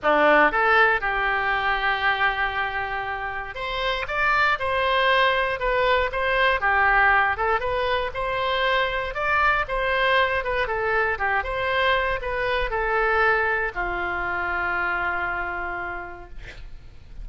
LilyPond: \new Staff \with { instrumentName = "oboe" } { \time 4/4 \tempo 4 = 118 d'4 a'4 g'2~ | g'2. c''4 | d''4 c''2 b'4 | c''4 g'4. a'8 b'4 |
c''2 d''4 c''4~ | c''8 b'8 a'4 g'8 c''4. | b'4 a'2 f'4~ | f'1 | }